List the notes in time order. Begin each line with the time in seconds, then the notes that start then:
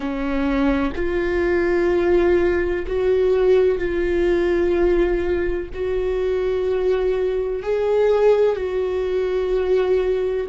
0.00 C#4
0.95 F4
2.86 F#4
3.78 F4
5.73 F#4
7.62 G#4
8.56 F#4